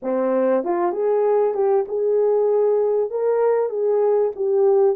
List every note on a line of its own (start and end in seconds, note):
0.02 0.64 C4
0.64 0.92 F4
0.92 1.54 G#4
1.54 1.85 G4
1.88 3.10 G#4
3.10 3.69 A#4
3.69 4.31 G#4
4.35 4.96 G4